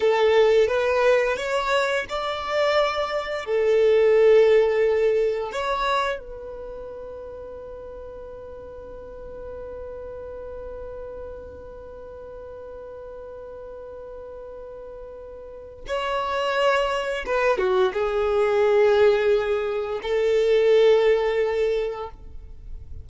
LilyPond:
\new Staff \with { instrumentName = "violin" } { \time 4/4 \tempo 4 = 87 a'4 b'4 cis''4 d''4~ | d''4 a'2. | cis''4 b'2.~ | b'1~ |
b'1~ | b'2. cis''4~ | cis''4 b'8 fis'8 gis'2~ | gis'4 a'2. | }